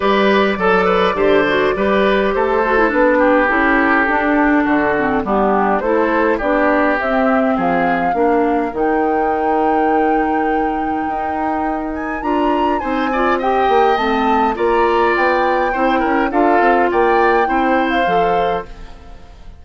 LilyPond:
<<
  \new Staff \with { instrumentName = "flute" } { \time 4/4 \tempo 4 = 103 d''1 | c''4 b'4 a'2~ | a'4 g'4 c''4 d''4 | e''4 f''2 g''4~ |
g''1~ | g''8 gis''8 ais''4 gis''4 g''4 | a''4 ais''4 g''2 | f''4 g''4.~ g''16 f''4~ f''16 | }
  \new Staff \with { instrumentName = "oboe" } { \time 4/4 b'4 a'8 b'8 c''4 b'4 | a'4. g'2~ g'8 | fis'4 d'4 a'4 g'4~ | g'4 gis'4 ais'2~ |
ais'1~ | ais'2 c''8 d''8 dis''4~ | dis''4 d''2 c''8 ais'8 | a'4 d''4 c''2 | }
  \new Staff \with { instrumentName = "clarinet" } { \time 4/4 g'4 a'4 g'8 fis'8 g'4~ | g'8 fis'16 e'16 d'4 e'4 d'4~ | d'8 c'8 b4 e'4 d'4 | c'2 d'4 dis'4~ |
dis'1~ | dis'4 f'4 dis'8 f'8 g'4 | c'4 f'2 e'4 | f'2 e'4 a'4 | }
  \new Staff \with { instrumentName = "bassoon" } { \time 4/4 g4 fis4 d4 g4 | a4 b4 cis'4 d'4 | d4 g4 a4 b4 | c'4 f4 ais4 dis4~ |
dis2. dis'4~ | dis'4 d'4 c'4. ais8 | a4 ais4 b4 c'8 cis'8 | d'8 c'8 ais4 c'4 f4 | }
>>